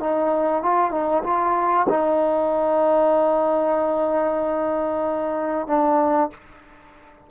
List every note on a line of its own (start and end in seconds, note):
0.00 0.63 D#4
0.63 0.91 F4
0.91 1.23 D#4
1.24 1.87 F4
1.89 5.67 D#4
5.67 6.30 D4